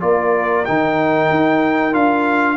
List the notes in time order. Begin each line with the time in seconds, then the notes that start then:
0.00 A#3 F4 A#4 D5
0.65 D#3 D#4 G5
1.30 D#4
1.92 D4 F4 F5